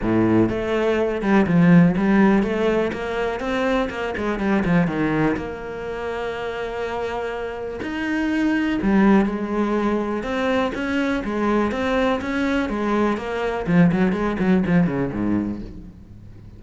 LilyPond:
\new Staff \with { instrumentName = "cello" } { \time 4/4 \tempo 4 = 123 a,4 a4. g8 f4 | g4 a4 ais4 c'4 | ais8 gis8 g8 f8 dis4 ais4~ | ais1 |
dis'2 g4 gis4~ | gis4 c'4 cis'4 gis4 | c'4 cis'4 gis4 ais4 | f8 fis8 gis8 fis8 f8 cis8 gis,4 | }